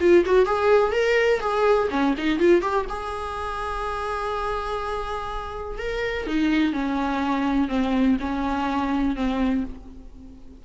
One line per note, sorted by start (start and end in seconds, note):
0.00 0.24 F4
0.26 0.45 F#4
0.45 0.92 G#4
0.92 1.40 A#4
1.40 1.88 G#4
1.90 2.15 C#4
2.17 2.39 D#4
2.39 2.62 F4
2.62 2.86 G4
2.89 5.78 G#4
5.78 6.27 A#4
6.27 6.73 D#4
6.73 7.68 C#4
7.68 8.17 C4
8.20 9.15 C#4
9.15 9.64 C4